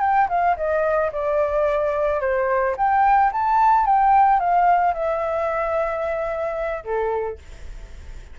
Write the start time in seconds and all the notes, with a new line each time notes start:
0.00 G5
0.29 F5
0.56 D#5
1.12 D5
2.20 C5
2.77 G5
3.32 A5
3.86 G5
4.39 F5
4.94 E5
6.84 A4